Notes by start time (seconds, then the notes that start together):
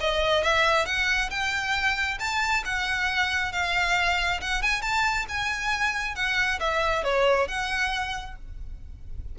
0.00 D#5
0.43 E5
0.85 F#5
1.30 G5
2.19 A5
2.65 F#5
3.52 F5
4.41 F#5
4.62 G#5
4.81 A5
5.28 G#5
6.15 F#5
6.60 E5
7.04 C#5
7.47 F#5